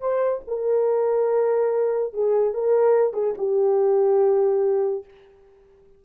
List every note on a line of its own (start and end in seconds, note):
0.00 0.42 C5
0.47 2.13 A#4
2.13 2.54 G#4
2.54 3.13 A#4
3.13 3.34 G#4
3.38 5.04 G4